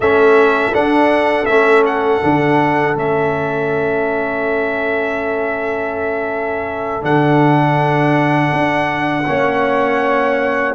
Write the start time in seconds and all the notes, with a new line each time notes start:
0.00 A3 C#4 A4 E5
0.72 D4 F#5
1.45 A3 C#4 E5
1.85 F#5
2.21 D3 D4
2.94 A3 C#4 E5
7.01 D3 D4 F#5
8.52 D4
9.26 A#3 C#4 C#5